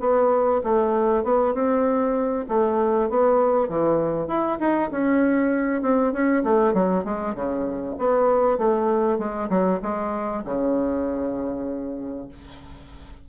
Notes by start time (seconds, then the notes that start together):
0.00 B3
0.64 A3
1.24 B3
1.54 C4
2.49 A3
3.10 B3
3.69 E3
4.28 E4
4.60 D#4
4.91 C#4
5.82 C4
6.13 C#4
6.44 A3
6.74 F#3
7.05 G#3
7.35 C#3
7.99 B3
8.58 A3
9.19 G#3
9.50 F#3
9.83 G#3
10.45 C#3